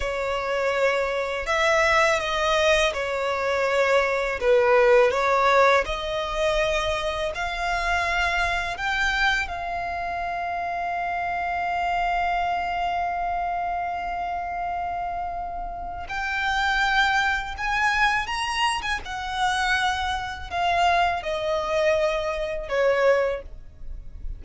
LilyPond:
\new Staff \with { instrumentName = "violin" } { \time 4/4 \tempo 4 = 82 cis''2 e''4 dis''4 | cis''2 b'4 cis''4 | dis''2 f''2 | g''4 f''2.~ |
f''1~ | f''2 g''2 | gis''4 ais''8. gis''16 fis''2 | f''4 dis''2 cis''4 | }